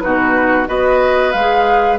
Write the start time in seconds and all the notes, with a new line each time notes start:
0.00 B2 D#4 F#4 B4
0.66 B3 F#4 B4 D#5
1.32 G#3 F5
1.39 G#4